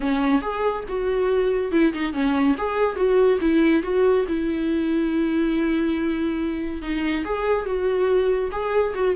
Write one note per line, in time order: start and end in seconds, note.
0.00 0.41 C#4
0.41 0.84 G#4
0.88 1.71 F#4
1.71 1.92 E4
1.93 2.13 D#4
2.13 2.55 C#4
2.57 2.96 G#4
2.96 3.38 F#4
3.40 3.83 E4
3.83 4.25 F#4
4.27 6.82 E4
6.82 7.24 D#4
7.24 7.65 G#4
7.65 8.50 F#4
8.51 8.94 G#4
8.94 9.15 F#4